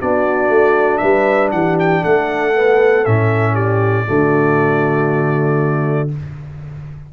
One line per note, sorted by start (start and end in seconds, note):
0.00 0.49 B3
0.00 2.54 D4
0.00 1.01 F#4
0.00 0.98 D5
0.49 1.00 A3
0.98 1.53 G3
0.98 1.52 B4
0.98 1.49 E5
1.52 2.04 E3
1.52 2.02 G4
1.52 1.77 F#5
1.79 2.04 G5
2.02 3.07 A3
2.02 3.54 A4
2.02 3.06 F#5
2.54 3.04 B3
3.06 4.08 A2
3.06 4.06 C#4
3.06 3.56 E5
3.54 4.05 G4
3.54 6.10 D5
4.06 6.13 D3
4.06 6.09 A3
4.06 6.11 F#4